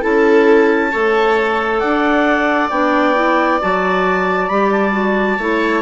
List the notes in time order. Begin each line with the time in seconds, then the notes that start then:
0.00 C#4 E4 A4 A5
0.92 A3 A4 C#5
1.79 D4 D5 F#5
2.70 B3 D4 G5
3.15 E4
3.62 F#3 F#4 A5
4.49 G3 G4 B5
4.71 A5
4.92 F#4
5.38 A3 E4 C#5